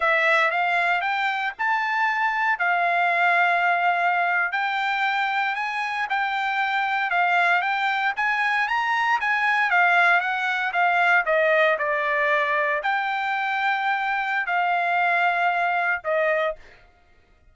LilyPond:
\new Staff \with { instrumentName = "trumpet" } { \time 4/4 \tempo 4 = 116 e''4 f''4 g''4 a''4~ | a''4 f''2.~ | f''8. g''2 gis''4 g''16~ | g''4.~ g''16 f''4 g''4 gis''16~ |
gis''8. ais''4 gis''4 f''4 fis''16~ | fis''8. f''4 dis''4 d''4~ d''16~ | d''8. g''2.~ g''16 | f''2. dis''4 | }